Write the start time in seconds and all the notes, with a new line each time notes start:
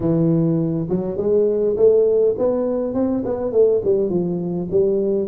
0.00 E3
0.89 F#3
1.17 G#3
1.76 A3
2.38 B3
2.94 C4
3.25 B3
3.52 A3
3.84 G3
4.09 F3
4.70 G3